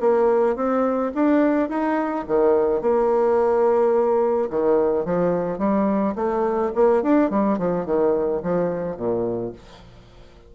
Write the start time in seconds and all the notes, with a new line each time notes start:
0.00 A#3
0.56 C4
1.14 D4
1.69 D#4
2.27 D#3
2.81 A#3
4.50 D#3
5.05 F3
5.58 G3
6.16 A3
6.75 A#3
7.03 D4
7.30 G3
7.58 F3
7.86 D#3
8.43 F3
8.96 A#2